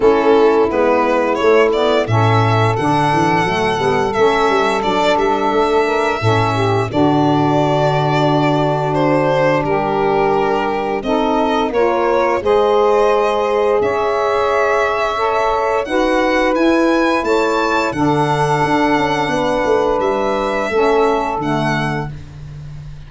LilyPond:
<<
  \new Staff \with { instrumentName = "violin" } { \time 4/4 \tempo 4 = 87 a'4 b'4 cis''8 d''8 e''4 | fis''2 e''4 d''8 e''8~ | e''2 d''2~ | d''4 c''4 ais'2 |
dis''4 cis''4 dis''2 | e''2. fis''4 | gis''4 a''4 fis''2~ | fis''4 e''2 fis''4 | }
  \new Staff \with { instrumentName = "saxophone" } { \time 4/4 e'2. a'4~ | a'1~ | a'8 ais'8 a'8 g'8 fis'2~ | fis'2 g'2 |
a'4 ais'4 c''2 | cis''2. b'4~ | b'4 cis''4 a'2 | b'2 a'2 | }
  \new Staff \with { instrumentName = "saxophone" } { \time 4/4 cis'4 b4 a8 b8 cis'4 | d'4 a8 b8 cis'4 d'4~ | d'4 cis'4 d'2~ | d'1 |
dis'4 f'4 gis'2~ | gis'2 a'4 fis'4 | e'2 d'2~ | d'2 cis'4 a4 | }
  \new Staff \with { instrumentName = "tuba" } { \time 4/4 a4 gis4 a4 a,4 | d8 e8 fis8 g8 a8 g8 fis8 g8 | a4 a,4 d2~ | d2 g2 |
c'4 ais4 gis2 | cis'2. dis'4 | e'4 a4 d4 d'8 cis'8 | b8 a8 g4 a4 d4 | }
>>